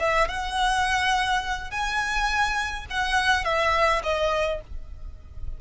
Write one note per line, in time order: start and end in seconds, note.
0.00 0.29 E5
0.29 1.71 F#5
1.71 2.87 G#5
2.91 3.45 F#5
3.45 4.03 E5
4.04 4.61 D#5